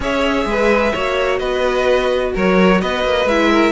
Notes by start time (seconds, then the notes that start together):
0.00 C#4 G#4 C#5 E5
0.45 G#3 B4
0.93 A#3 F#4 C#5
1.38 B3 B4 D#5
2.34 F#3 A#4 C#5
2.81 B3 B4 D#5
3.04 A#3
3.25 G#3 E4 E5
3.51 A#4